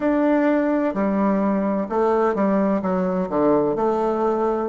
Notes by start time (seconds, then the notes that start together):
0.00 D4
0.94 G3
1.89 A3
2.34 G3
2.81 F#3
3.29 D3
3.75 A3